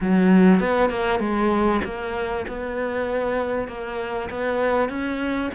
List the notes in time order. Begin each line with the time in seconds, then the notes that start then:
0.00 F#3
0.60 B3
0.90 A#3
1.19 G#3
1.84 A#3
2.47 B3
3.68 A#3
4.30 B3
4.89 C#4